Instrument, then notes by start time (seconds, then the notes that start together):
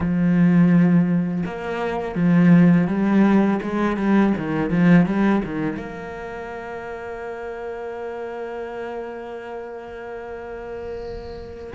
cello
0.00 F3
1.45 A#3
2.15 F3
2.87 G3
3.61 G#3
3.96 G3
4.37 D#3
4.70 F3
5.05 G3
5.44 D#3
5.76 A#3